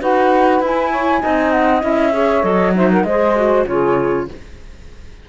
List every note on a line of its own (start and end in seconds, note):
0.00 0.60 D#4
0.00 0.62 F#4
0.00 0.90 B4
0.00 0.63 F#5
0.60 1.21 E4
0.66 1.51 G#5
0.90 1.21 C#5
1.21 1.83 C4
1.21 1.81 D#4
1.21 2.12 D#5
1.51 1.81 F#5
1.81 2.43 C#4
1.81 2.11 E4
1.81 2.43 E5
2.12 2.42 G#4
2.12 2.74 C#5
2.42 3.04 F#3
2.42 2.72 A4
2.42 2.74 D#5
2.74 3.05 D#4
2.74 2.91 C5
2.74 2.91 E5
2.91 3.06 A#4
2.91 3.03 F#5
3.03 3.65 G#3
3.03 3.36 G#4
3.03 3.67 C5
3.03 3.64 D#5
3.36 3.66 F#4
3.66 4.28 C#3
3.66 4.28 F4
3.66 4.28 G#4
3.66 4.28 C#5